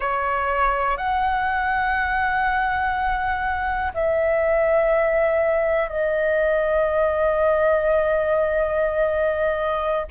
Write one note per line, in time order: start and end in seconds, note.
0.00 0.97 C#5
0.97 3.92 F#5
3.93 5.88 E5
5.88 10.06 D#5